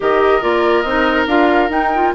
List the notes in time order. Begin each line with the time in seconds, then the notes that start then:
0.00 D#3 G4 A#4 D#5
0.41 A#3 F4 D5
0.81 C4 D#4 D#5
1.27 D4 F4 F5
1.69 D#4 G5
1.94 F4